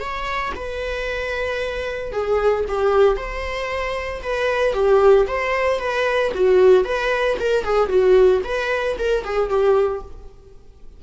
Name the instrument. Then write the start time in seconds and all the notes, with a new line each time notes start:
viola
0.00 C#5
0.56 B4
2.13 G#4
2.68 G4
3.17 C5
4.23 B4
4.74 G4
5.28 C5
5.80 B4
6.34 F#4
6.85 B4
7.40 A#4
7.65 G#4
7.89 F#4
8.45 B4
8.99 A#4
9.25 G#4
9.50 G4